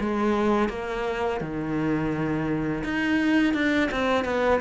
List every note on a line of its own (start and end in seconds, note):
0.00 0.69 G#3
0.69 1.41 A#3
1.41 2.83 D#3
2.84 3.54 D#4
3.54 3.90 D4
3.92 4.25 C4
4.25 4.60 B3